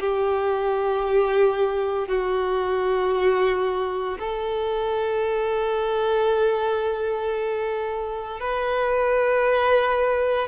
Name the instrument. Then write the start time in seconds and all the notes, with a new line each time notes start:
violin
0.00 G4
2.08 F#4
4.20 A4
8.41 B4